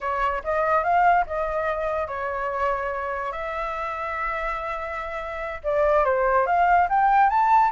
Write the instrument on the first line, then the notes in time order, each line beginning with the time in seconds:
flute
0.00 C#5
0.44 D#5
0.83 F5
1.26 D#5
2.07 C#5
3.31 E5
5.63 D5
6.04 C5
6.46 F5
6.89 G5
7.29 A5